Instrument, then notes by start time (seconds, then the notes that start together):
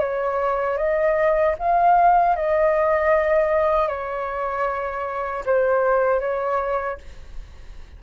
flute
0.00 C#5
0.78 D#5
1.59 F5
2.37 D#5
3.89 C#5
5.46 C5
6.21 C#5